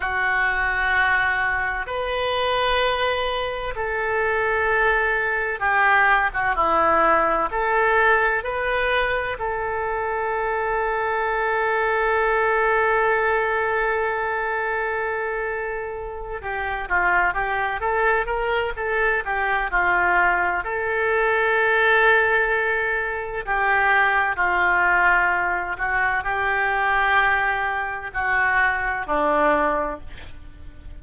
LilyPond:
\new Staff \with { instrumentName = "oboe" } { \time 4/4 \tempo 4 = 64 fis'2 b'2 | a'2 g'8. fis'16 e'4 | a'4 b'4 a'2~ | a'1~ |
a'4. g'8 f'8 g'8 a'8 ais'8 | a'8 g'8 f'4 a'2~ | a'4 g'4 f'4. fis'8 | g'2 fis'4 d'4 | }